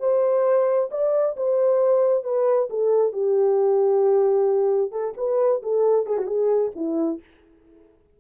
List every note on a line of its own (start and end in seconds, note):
0.00 0.90 C5
0.91 1.36 D5
1.37 2.24 C5
2.24 2.69 B4
2.70 3.13 A4
3.13 4.92 G4
4.92 5.14 A4
5.17 5.62 B4
5.63 6.07 A4
6.07 6.18 G#4
6.18 6.27 F#4
6.27 6.72 G#4
6.76 7.20 E4